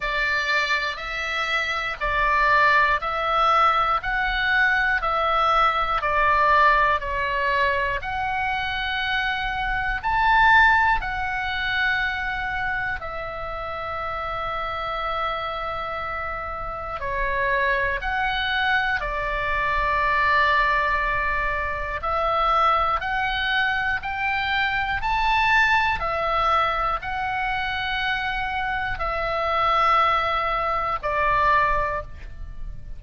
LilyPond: \new Staff \with { instrumentName = "oboe" } { \time 4/4 \tempo 4 = 60 d''4 e''4 d''4 e''4 | fis''4 e''4 d''4 cis''4 | fis''2 a''4 fis''4~ | fis''4 e''2.~ |
e''4 cis''4 fis''4 d''4~ | d''2 e''4 fis''4 | g''4 a''4 e''4 fis''4~ | fis''4 e''2 d''4 | }